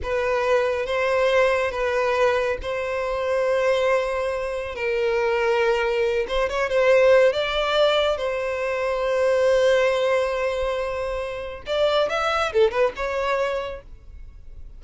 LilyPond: \new Staff \with { instrumentName = "violin" } { \time 4/4 \tempo 4 = 139 b'2 c''2 | b'2 c''2~ | c''2. ais'4~ | ais'2~ ais'8 c''8 cis''8 c''8~ |
c''4 d''2 c''4~ | c''1~ | c''2. d''4 | e''4 a'8 b'8 cis''2 | }